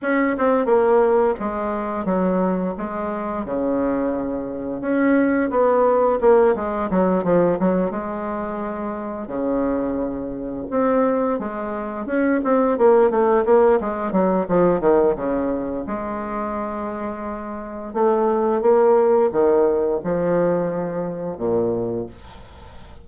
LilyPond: \new Staff \with { instrumentName = "bassoon" } { \time 4/4 \tempo 4 = 87 cis'8 c'8 ais4 gis4 fis4 | gis4 cis2 cis'4 | b4 ais8 gis8 fis8 f8 fis8 gis8~ | gis4. cis2 c'8~ |
c'8 gis4 cis'8 c'8 ais8 a8 ais8 | gis8 fis8 f8 dis8 cis4 gis4~ | gis2 a4 ais4 | dis4 f2 ais,4 | }